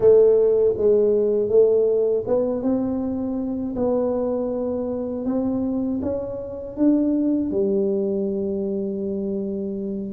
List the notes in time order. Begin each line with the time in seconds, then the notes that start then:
0.00 A3
0.77 G#3
1.48 A3
2.27 B3
2.62 C4
3.75 B3
5.25 C4
6.02 C#4
6.76 D4
7.50 G3